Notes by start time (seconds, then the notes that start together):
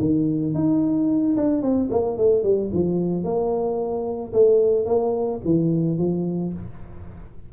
0.00 D#3
0.54 D#4
1.36 D4
1.62 C4
1.90 A#3
2.17 A3
2.43 G3
2.73 F3
3.23 A#3
4.33 A3
4.86 A#3
5.44 E3
5.98 F3